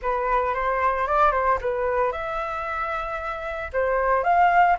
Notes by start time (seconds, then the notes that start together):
0.02 B4
0.54 C5
1.07 D5
1.31 C5
1.61 B4
2.11 E5
3.72 C5
4.23 F5